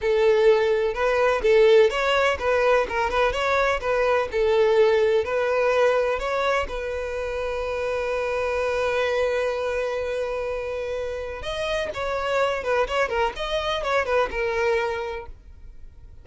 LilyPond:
\new Staff \with { instrumentName = "violin" } { \time 4/4 \tempo 4 = 126 a'2 b'4 a'4 | cis''4 b'4 ais'8 b'8 cis''4 | b'4 a'2 b'4~ | b'4 cis''4 b'2~ |
b'1~ | b'1 | dis''4 cis''4. b'8 cis''8 ais'8 | dis''4 cis''8 b'8 ais'2 | }